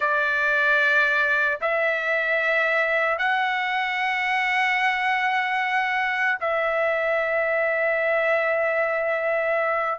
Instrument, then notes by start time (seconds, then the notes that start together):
trumpet
0.00 D5
1.61 E5
3.18 F#5
6.40 E5